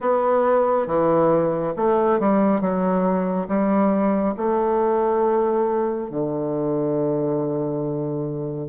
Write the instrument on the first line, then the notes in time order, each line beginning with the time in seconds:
bassoon
0.00 B3
0.86 E3
1.76 A3
2.19 G3
2.60 F#3
3.47 G3
4.36 A3
6.10 D3